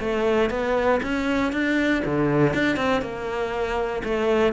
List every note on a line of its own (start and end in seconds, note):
0.00 0.50 A3
0.50 1.01 B3
1.03 1.53 C#4
1.53 2.03 D4
2.05 2.54 D3
2.54 2.77 D4
2.77 3.02 C4
3.02 4.03 A#3
4.04 4.53 A3